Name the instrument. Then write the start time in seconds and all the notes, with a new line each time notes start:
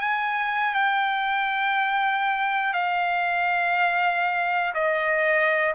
trumpet
0.00 G#5
0.74 G5
2.73 F5
4.74 D#5